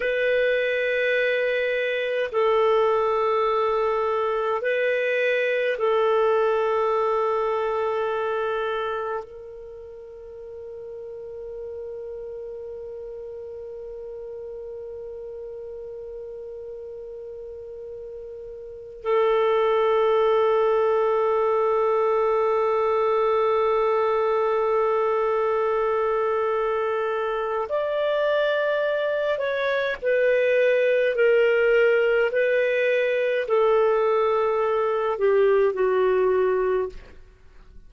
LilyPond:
\new Staff \with { instrumentName = "clarinet" } { \time 4/4 \tempo 4 = 52 b'2 a'2 | b'4 a'2. | ais'1~ | ais'1~ |
ais'8 a'2.~ a'8~ | a'1 | d''4. cis''8 b'4 ais'4 | b'4 a'4. g'8 fis'4 | }